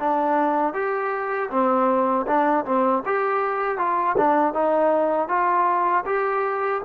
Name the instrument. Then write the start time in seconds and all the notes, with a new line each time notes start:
trombone
0.00 D4
0.74 G4
1.51 C4
2.28 D4
2.66 C4
3.06 G4
3.78 F4
4.18 D4
4.54 D#4
5.29 F4
6.06 G4